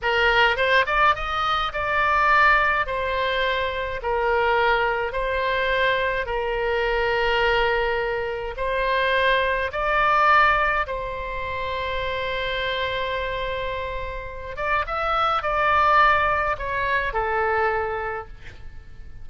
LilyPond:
\new Staff \with { instrumentName = "oboe" } { \time 4/4 \tempo 4 = 105 ais'4 c''8 d''8 dis''4 d''4~ | d''4 c''2 ais'4~ | ais'4 c''2 ais'4~ | ais'2. c''4~ |
c''4 d''2 c''4~ | c''1~ | c''4. d''8 e''4 d''4~ | d''4 cis''4 a'2 | }